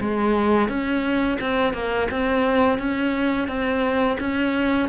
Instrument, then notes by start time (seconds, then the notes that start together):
cello
0.00 G#3
0.68 C#4
1.40 C4
1.73 A#3
2.10 C4
2.79 C#4
3.48 C4
4.20 C#4